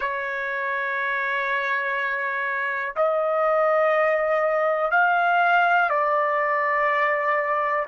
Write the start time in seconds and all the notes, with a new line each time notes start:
0.00 C#5
2.96 D#5
4.91 F5
5.89 D5